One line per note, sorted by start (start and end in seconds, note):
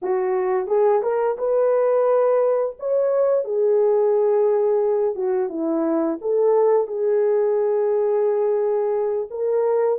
0.02 0.67 F#4
0.67 1.01 G#4
1.02 1.37 A#4
1.38 2.76 B4
2.79 3.44 C#5
3.44 5.15 G#4
5.15 5.49 F#4
5.49 6.18 E4
6.21 6.87 A4
6.87 9.28 G#4
9.30 9.99 A#4